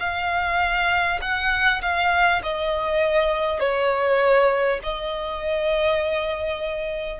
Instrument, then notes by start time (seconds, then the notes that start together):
violin
0.00 F5
1.22 F#5
1.82 F5
2.43 D#5
3.60 C#5
4.83 D#5